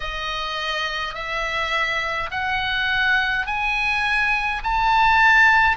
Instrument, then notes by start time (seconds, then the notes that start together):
oboe
0.00 D#5
1.14 E5
2.31 F#5
3.46 G#5
4.63 A5